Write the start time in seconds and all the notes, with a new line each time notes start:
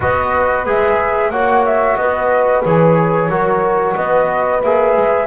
0.00 B3 F#4 B4 D#5
0.66 G#3 G#4 E5
1.29 A#3 F#4 C#5 F#5
1.65 E5
1.96 B3 B4 D#5
2.63 E3 G#4 C#5
3.28 F#3 F#4 A#4
3.95 B3 B4 D#5
4.62 A#3 G#4 E5
4.96 G#3